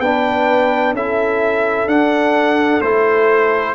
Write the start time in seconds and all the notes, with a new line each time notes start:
0.00 B3 D4 B4 G5
0.93 C#4 E4 A4 E5
1.87 D4 F#5
2.81 A3 E4 C5